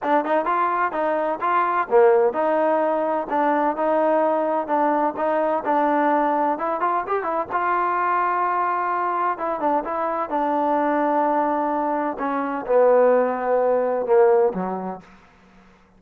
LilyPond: \new Staff \with { instrumentName = "trombone" } { \time 4/4 \tempo 4 = 128 d'8 dis'8 f'4 dis'4 f'4 | ais4 dis'2 d'4 | dis'2 d'4 dis'4 | d'2 e'8 f'8 g'8 e'8 |
f'1 | e'8 d'8 e'4 d'2~ | d'2 cis'4 b4~ | b2 ais4 fis4 | }